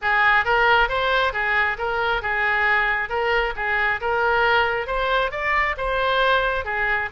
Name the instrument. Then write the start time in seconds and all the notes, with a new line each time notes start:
oboe
0.01 G#4
0.44 A#4
0.88 C5
1.32 G#4
1.77 A#4
2.22 G#4
3.09 A#4
3.56 G#4
4.00 A#4
4.86 C5
5.31 D5
5.77 C5
6.64 G#4